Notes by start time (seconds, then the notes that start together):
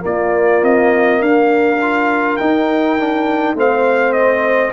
0.00 A#3 F4 D5
0.62 C4 D#5
1.21 D4 A#4 F5
1.82 F4
2.37 D#4 G5
2.99 D4
3.54 A3 C4 C5 F5
4.13 D#5